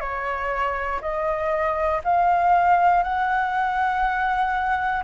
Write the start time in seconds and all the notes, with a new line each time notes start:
0.00 C#5
1.01 D#5
2.04 F5
3.04 F#5